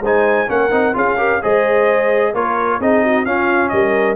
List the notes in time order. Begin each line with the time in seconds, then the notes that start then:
0.00 G#3 D#4 C5 G#5
0.48 A#3 C#4 A#4 F#5
0.71 C4 D#4
0.94 C#4 F4 G#4 F5
1.18 G4 A#4
1.42 G#3 G#4 C5 D#5
2.34 A#3 F4 A#4 C#5
2.80 C4 D#4 G#4 D#5
3.04 F#4
3.26 C#4 F4 F5
3.69 G3 A#4 D#5